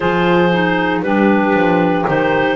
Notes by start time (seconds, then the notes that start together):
0.00 F3 F4 G#4 C5
0.52 D#4
1.02 G3 D4 G4 B4
1.53 F3
2.06 D#3 D#4 C5